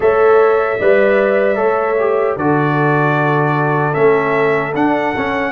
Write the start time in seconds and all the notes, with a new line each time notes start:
0.00 A3 A4 C#5 E5
0.79 G3 B4 D5
1.55 A3 A4 C#5
1.99 G4
2.36 D3 F#4 A4 D5
3.93 A3 C#4 E5
4.74 D4 F#5
5.16 C#4